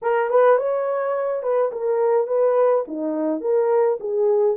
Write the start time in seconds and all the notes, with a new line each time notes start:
0.02 A#4
0.29 B4
0.57 C#5
1.42 B4
1.71 A#4
2.27 B4
2.87 D#4
3.40 A#4
3.99 G#4